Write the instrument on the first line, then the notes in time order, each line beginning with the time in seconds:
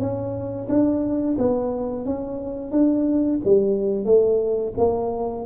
tuba
0.00 C#4
0.69 D4
1.39 B3
2.05 C#4
2.72 D4
3.45 G3
4.05 A3
4.78 A#3